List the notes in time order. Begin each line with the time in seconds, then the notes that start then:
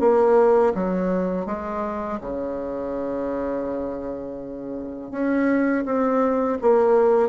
0.00 A#3
0.74 F#3
1.46 G#3
2.21 C#3
5.11 C#4
5.85 C4
6.62 A#3